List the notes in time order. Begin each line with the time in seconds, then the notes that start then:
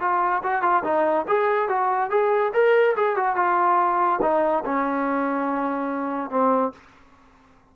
0.00 F4
0.43 F#4
0.62 F4
0.84 D#4
1.28 G#4
1.69 F#4
2.10 G#4
2.53 A#4
2.96 G#4
3.16 F#4
3.35 F4
4.22 D#4
4.65 C#4
6.30 C4